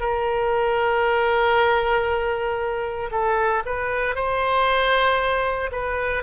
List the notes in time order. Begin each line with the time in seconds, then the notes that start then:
0.00 A#4
3.11 A4
3.66 B4
4.16 C5
5.72 B4